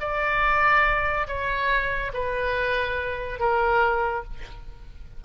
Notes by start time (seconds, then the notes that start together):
0.00 D5
1.27 C#5
2.13 B4
3.39 A#4